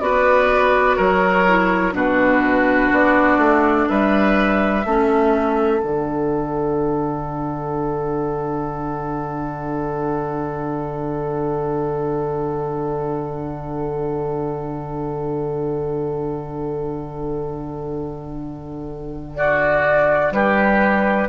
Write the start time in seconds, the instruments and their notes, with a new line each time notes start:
0.00 bassoon B3, clarinet F#4, oboe B4, flute D5
0.97 bassoon F#3, oboe A#4, flute C#5
1.48 clarinet E4
1.93 bassoon B2, clarinet D4, oboe F#4, flute B4
2.92 bassoon B3, flute D5
3.38 bassoon A3
3.89 bassoon G3, oboe B4, flute E5
4.85 bassoon A3, clarinet C#4, oboe A4
5.81 bassoon D3, clarinet D4, flute F#5
19.36 oboe F#4, flute D5
20.32 bassoon G3, oboe G4, flute B4